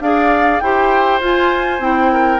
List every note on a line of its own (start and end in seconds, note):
0.00 0.60 D4
0.00 0.62 G#4
0.00 0.63 D5
0.00 0.59 F5
0.59 1.20 E4
0.59 1.21 G4
0.59 2.12 C5
0.59 1.19 G5
1.20 1.79 F4
1.20 1.80 F4
1.20 1.83 G#5
1.79 2.39 C4
1.79 2.39 E4
1.79 2.39 G5
2.12 2.39 A#4